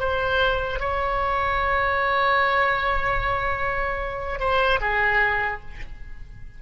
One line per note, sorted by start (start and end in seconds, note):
0.00 0.80 C5
0.80 4.40 C#5
4.40 4.80 C5
4.81 5.61 G#4